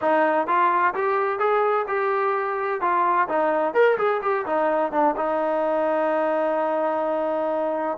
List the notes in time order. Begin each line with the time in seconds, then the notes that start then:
0.01 D#4
0.47 F4
0.94 G4
1.39 G#4
1.87 G4
2.81 F4
3.28 D#4
3.74 A#4
3.97 G#4
4.22 G4
4.45 D#4
4.92 D4
5.16 D#4